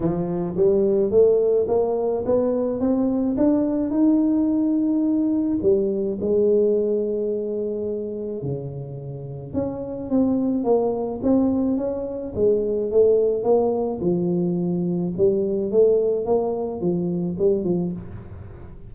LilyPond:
\new Staff \with { instrumentName = "tuba" } { \time 4/4 \tempo 4 = 107 f4 g4 a4 ais4 | b4 c'4 d'4 dis'4~ | dis'2 g4 gis4~ | gis2. cis4~ |
cis4 cis'4 c'4 ais4 | c'4 cis'4 gis4 a4 | ais4 f2 g4 | a4 ais4 f4 g8 f8 | }